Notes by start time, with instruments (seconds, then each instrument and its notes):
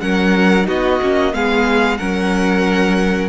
0.00 cello F#3, viola C#4, violin A#4 F#5
0.64 cello B3, viola D#4, violin F#4 D#5
1.02 cello A#3, viola C#4
1.33 cello G#3, viola B3, violin G#4 F5
1.97 cello F#3, viola C#4, violin A#4 F#5